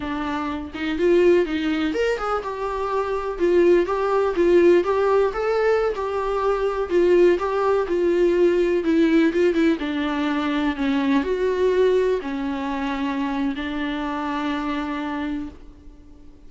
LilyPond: \new Staff \with { instrumentName = "viola" } { \time 4/4 \tempo 4 = 124 d'4. dis'8 f'4 dis'4 | ais'8 gis'8 g'2 f'4 | g'4 f'4 g'4 a'4~ | a'16 g'2 f'4 g'8.~ |
g'16 f'2 e'4 f'8 e'16~ | e'16 d'2 cis'4 fis'8.~ | fis'4~ fis'16 cis'2~ cis'8. | d'1 | }